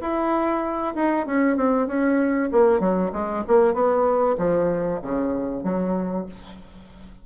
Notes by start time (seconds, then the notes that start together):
0.00 E4
0.95 D#4
1.26 C#4
1.56 C4
1.87 C#4
2.52 A#3
2.79 F#3
3.12 G#3
3.47 A#3
3.73 B3
4.38 F3
5.02 C#3
5.63 F#3